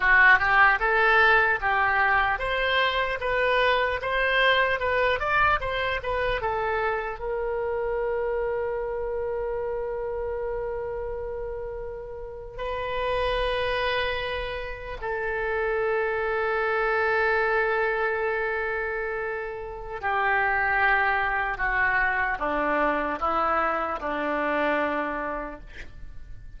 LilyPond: \new Staff \with { instrumentName = "oboe" } { \time 4/4 \tempo 4 = 75 fis'8 g'8 a'4 g'4 c''4 | b'4 c''4 b'8 d''8 c''8 b'8 | a'4 ais'2.~ | ais'2.~ ais'8. b'16~ |
b'2~ b'8. a'4~ a'16~ | a'1~ | a'4 g'2 fis'4 | d'4 e'4 d'2 | }